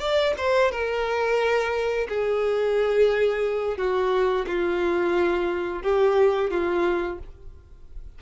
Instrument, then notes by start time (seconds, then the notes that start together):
violin
0.00 D5
0.37 C5
0.71 A#4
2.09 G#4
3.78 F#4
4.47 F4
5.83 G4
6.51 F4